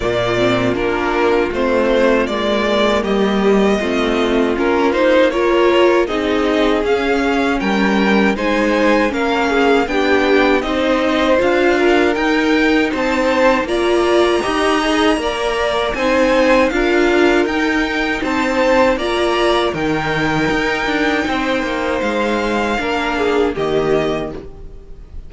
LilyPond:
<<
  \new Staff \with { instrumentName = "violin" } { \time 4/4 \tempo 4 = 79 d''4 ais'4 c''4 d''4 | dis''2 ais'8 c''8 cis''4 | dis''4 f''4 g''4 gis''4 | f''4 g''4 dis''4 f''4 |
g''4 a''4 ais''2~ | ais''4 gis''4 f''4 g''4 | a''4 ais''4 g''2~ | g''4 f''2 dis''4 | }
  \new Staff \with { instrumentName = "violin" } { \time 4/4 f'1 | g'4 f'2 ais'4 | gis'2 ais'4 c''4 | ais'8 gis'8 g'4 c''4. ais'8~ |
ais'4 c''4 d''4 dis''4 | d''4 c''4 ais'2 | c''4 d''4 ais'2 | c''2 ais'8 gis'8 g'4 | }
  \new Staff \with { instrumentName = "viola" } { \time 4/4 ais8 c'8 d'4 c'4 ais4~ | ais4 c'4 cis'8 dis'8 f'4 | dis'4 cis'2 dis'4 | cis'4 d'4 dis'4 f'4 |
dis'2 f'4 g'8 gis'8 | ais'4 dis'4 f'4 dis'4~ | dis'4 f'4 dis'2~ | dis'2 d'4 ais4 | }
  \new Staff \with { instrumentName = "cello" } { \time 4/4 ais,4 ais4 a4 gis4 | g4 a4 ais2 | c'4 cis'4 g4 gis4 | ais4 b4 c'4 d'4 |
dis'4 c'4 ais4 dis'4 | ais4 c'4 d'4 dis'4 | c'4 ais4 dis4 dis'8 d'8 | c'8 ais8 gis4 ais4 dis4 | }
>>